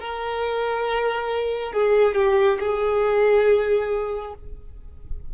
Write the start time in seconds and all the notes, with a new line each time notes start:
0.00 A#4
1.73 G#4
2.15 G4
2.60 G#4